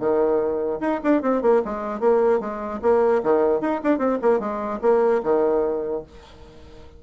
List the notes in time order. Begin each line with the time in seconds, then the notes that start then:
0.00 D#3
0.81 D#4
1.04 D4
1.23 C4
1.43 A#3
1.65 G#3
2.01 A#3
2.40 G#3
2.82 A#3
3.24 D#3
3.61 D#4
3.84 D4
3.99 C4
4.22 A#3
4.40 G#3
4.82 A#3
5.24 D#3